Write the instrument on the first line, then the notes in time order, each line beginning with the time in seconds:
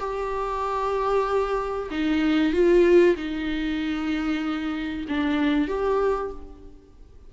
viola
0.00 G4
1.91 D#4
2.53 F4
3.17 D#4
5.09 D4
5.68 G4